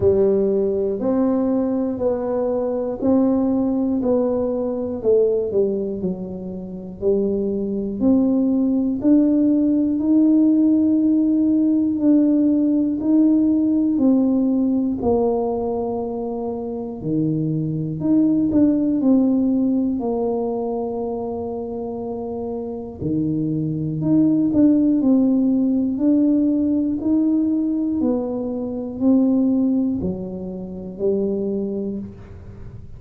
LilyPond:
\new Staff \with { instrumentName = "tuba" } { \time 4/4 \tempo 4 = 60 g4 c'4 b4 c'4 | b4 a8 g8 fis4 g4 | c'4 d'4 dis'2 | d'4 dis'4 c'4 ais4~ |
ais4 dis4 dis'8 d'8 c'4 | ais2. dis4 | dis'8 d'8 c'4 d'4 dis'4 | b4 c'4 fis4 g4 | }